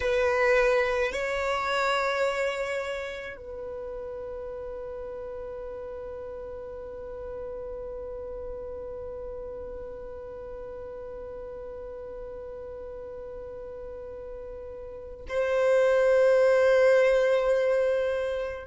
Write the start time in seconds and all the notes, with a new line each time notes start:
0.00 B4
1.12 C#5
3.37 B4
15.28 C5